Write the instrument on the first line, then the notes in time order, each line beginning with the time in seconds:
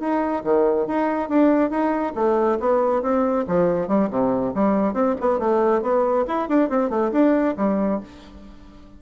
bassoon
0.00 D#4
0.44 D#3
0.87 D#4
1.29 D4
1.70 D#4
2.15 A3
2.60 B3
3.02 C4
3.48 F3
3.88 G3
4.10 C3
4.55 G3
4.93 C4
5.21 B3
5.39 A3
5.82 B3
6.28 E4
6.49 D4
6.70 C4
6.90 A3
7.12 D4
7.57 G3